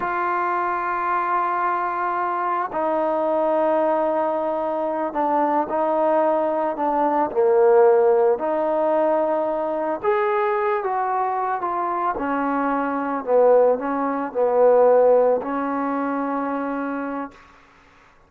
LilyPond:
\new Staff \with { instrumentName = "trombone" } { \time 4/4 \tempo 4 = 111 f'1~ | f'4 dis'2.~ | dis'4. d'4 dis'4.~ | dis'8 d'4 ais2 dis'8~ |
dis'2~ dis'8 gis'4. | fis'4. f'4 cis'4.~ | cis'8 b4 cis'4 b4.~ | b8 cis'2.~ cis'8 | }